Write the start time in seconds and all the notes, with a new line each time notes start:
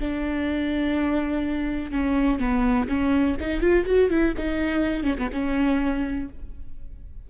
0.00 D4
1.92 C#4
2.40 B3
2.89 C#4
3.40 D#4
3.61 F4
3.86 F#4
4.10 E4
4.38 D#4
5.04 C#4
5.18 B3
5.33 C#4